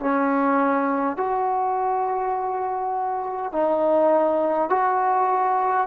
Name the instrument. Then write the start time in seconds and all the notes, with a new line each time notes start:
trombone
0.00 C#4
1.17 F#4
3.52 D#4
4.70 F#4